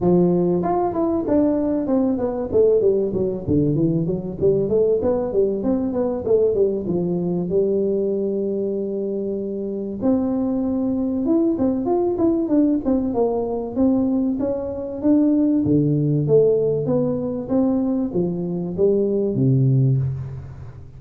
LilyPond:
\new Staff \with { instrumentName = "tuba" } { \time 4/4 \tempo 4 = 96 f4 f'8 e'8 d'4 c'8 b8 | a8 g8 fis8 d8 e8 fis8 g8 a8 | b8 g8 c'8 b8 a8 g8 f4 | g1 |
c'2 e'8 c'8 f'8 e'8 | d'8 c'8 ais4 c'4 cis'4 | d'4 d4 a4 b4 | c'4 f4 g4 c4 | }